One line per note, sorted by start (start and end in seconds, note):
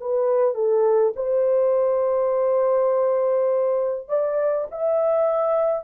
0.00 0.54 B4
0.54 1.13 A4
1.16 4.08 C5
4.08 4.67 D5
4.71 5.84 E5